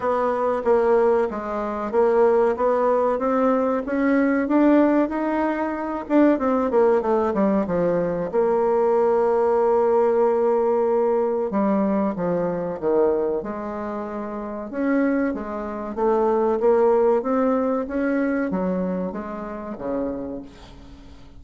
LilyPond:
\new Staff \with { instrumentName = "bassoon" } { \time 4/4 \tempo 4 = 94 b4 ais4 gis4 ais4 | b4 c'4 cis'4 d'4 | dis'4. d'8 c'8 ais8 a8 g8 | f4 ais2.~ |
ais2 g4 f4 | dis4 gis2 cis'4 | gis4 a4 ais4 c'4 | cis'4 fis4 gis4 cis4 | }